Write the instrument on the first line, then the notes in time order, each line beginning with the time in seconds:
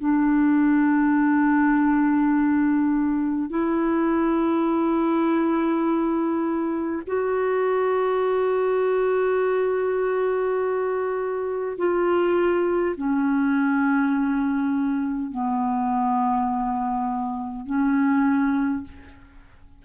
clarinet
0.00 D4
3.50 E4
7.07 F#4
11.78 F4
12.97 C#4
15.32 B3
17.66 C#4